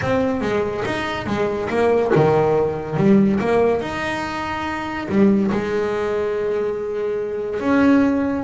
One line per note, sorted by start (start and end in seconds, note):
0.01 0.41 C4
0.41 0.83 G#3
0.85 1.26 D#4
1.26 1.68 G#3
1.69 2.11 A#3
2.15 2.97 D#3
2.97 3.39 G3
3.40 3.81 A#3
3.81 5.08 D#4
5.08 5.50 G3
5.51 7.59 G#3
7.59 8.44 C#4